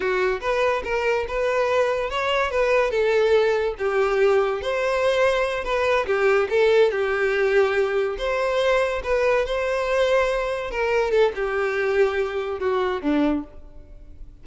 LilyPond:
\new Staff \with { instrumentName = "violin" } { \time 4/4 \tempo 4 = 143 fis'4 b'4 ais'4 b'4~ | b'4 cis''4 b'4 a'4~ | a'4 g'2 c''4~ | c''4. b'4 g'4 a'8~ |
a'8 g'2. c''8~ | c''4. b'4 c''4.~ | c''4. ais'4 a'8 g'4~ | g'2 fis'4 d'4 | }